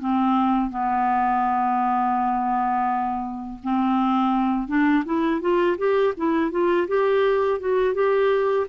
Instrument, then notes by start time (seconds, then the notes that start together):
clarinet
0.00 C4
0.71 B3
3.63 C4
4.68 D4
5.05 E4
5.41 F4
5.78 G4
6.17 E4
6.51 F4
6.88 G4
7.60 F#4
7.95 G4